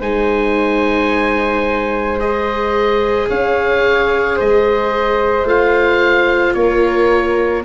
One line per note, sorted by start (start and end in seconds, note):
0.00 3.28 G#3
0.00 2.20 D#4
0.00 3.27 C5
0.00 2.20 G#5
2.20 5.46 G#4
2.20 3.29 D#5
3.29 4.39 C#4
3.29 4.36 C#5
3.29 4.39 F5
4.36 5.44 G#3
4.36 6.55 C5
4.36 5.48 D#5
5.44 6.53 A3
5.44 7.64 F4
5.44 6.54 F5
6.54 7.64 A#3
6.54 7.65 A#4
6.54 7.63 C#5